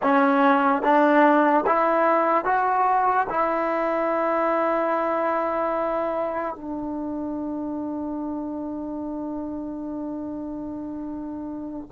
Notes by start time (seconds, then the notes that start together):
0.02 C#4
0.82 D4
1.66 E4
2.44 F#4
3.29 E4
6.55 D4